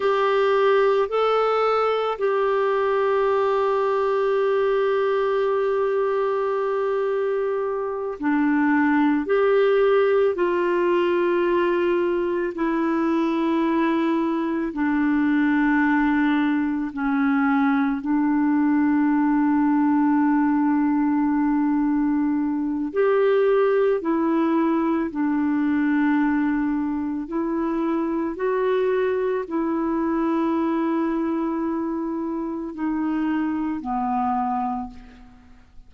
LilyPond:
\new Staff \with { instrumentName = "clarinet" } { \time 4/4 \tempo 4 = 55 g'4 a'4 g'2~ | g'2.~ g'8 d'8~ | d'8 g'4 f'2 e'8~ | e'4. d'2 cis'8~ |
cis'8 d'2.~ d'8~ | d'4 g'4 e'4 d'4~ | d'4 e'4 fis'4 e'4~ | e'2 dis'4 b4 | }